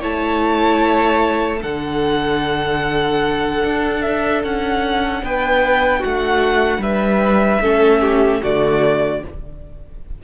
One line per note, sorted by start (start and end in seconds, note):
0.00 1.63 A3
0.00 1.60 E4
0.00 1.60 C#5
0.00 1.63 A5
1.60 3.63 D3
1.60 7.60 D4
1.60 5.22 A4
1.60 4.02 F#5
3.64 4.44 D4
4.02 4.42 E5
4.44 5.23 C#4
4.44 5.24 F#5
5.23 6.03 B3
5.23 5.99 B4
5.23 6.03 G5
5.99 6.78 A3
5.99 6.79 F#4
5.99 6.82 F#5
6.78 7.58 G3
6.78 7.62 B4
6.78 8.42 E5
7.62 8.42 A3
7.62 8.42 C#4
7.62 8.01 A4
8.01 8.41 G4
8.42 9.24 D3
8.42 9.22 A3
8.42 9.22 F#4
8.42 9.24 D5